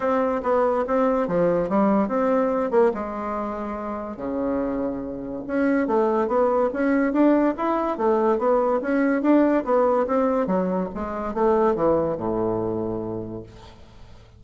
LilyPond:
\new Staff \with { instrumentName = "bassoon" } { \time 4/4 \tempo 4 = 143 c'4 b4 c'4 f4 | g4 c'4. ais8 gis4~ | gis2 cis2~ | cis4 cis'4 a4 b4 |
cis'4 d'4 e'4 a4 | b4 cis'4 d'4 b4 | c'4 fis4 gis4 a4 | e4 a,2. | }